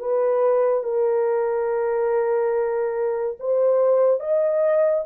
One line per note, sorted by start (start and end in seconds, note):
0.00 0.84 B4
0.84 3.38 A#4
3.40 4.20 C5
4.20 5.05 D#5